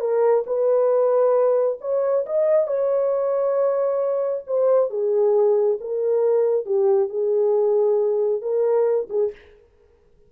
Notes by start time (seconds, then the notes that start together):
0.00 A#4
0.46 B4
1.81 C#5
2.26 D#5
2.67 C#5
4.47 C5
4.90 G#4
5.80 A#4
6.66 G4
7.09 G#4
8.42 A#4
9.09 G#4